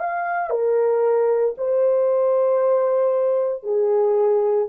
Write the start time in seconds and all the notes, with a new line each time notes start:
0.00 F5
0.50 A#4
1.58 C5
3.64 G#4